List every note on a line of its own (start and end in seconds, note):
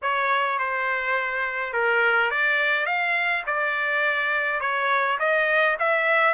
0.02 0.58 C#5
0.58 1.73 C5
1.73 2.31 A#4
2.31 2.86 D5
2.86 3.43 F5
3.46 4.60 D5
4.60 5.18 C#5
5.19 5.77 D#5
5.79 6.34 E5